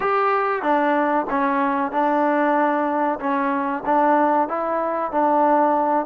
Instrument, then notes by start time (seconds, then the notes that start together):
trombone
0.00 G4
0.62 D4
1.29 C#4
1.91 D4
3.19 C#4
3.85 D4
4.48 E4
5.11 D4